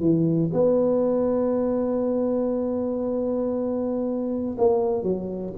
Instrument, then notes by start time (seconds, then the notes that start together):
tuba
0.00 E3
0.53 B3
4.58 A#3
5.03 F#3